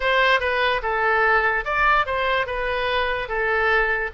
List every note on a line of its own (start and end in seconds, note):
0.00 0.40 C5
0.40 0.81 B4
0.82 1.64 A4
1.64 2.05 D5
2.05 2.46 C5
2.46 3.28 B4
3.28 4.10 A4